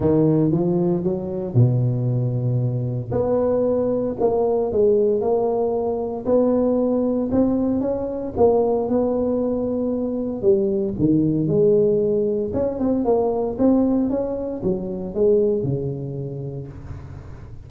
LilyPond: \new Staff \with { instrumentName = "tuba" } { \time 4/4 \tempo 4 = 115 dis4 f4 fis4 b,4~ | b,2 b2 | ais4 gis4 ais2 | b2 c'4 cis'4 |
ais4 b2. | g4 dis4 gis2 | cis'8 c'8 ais4 c'4 cis'4 | fis4 gis4 cis2 | }